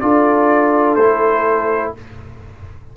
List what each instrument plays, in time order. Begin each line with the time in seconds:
0.00 tuba D4, trombone F4, horn A4, trumpet D5
0.95 tuba A3, trombone E4, trumpet C5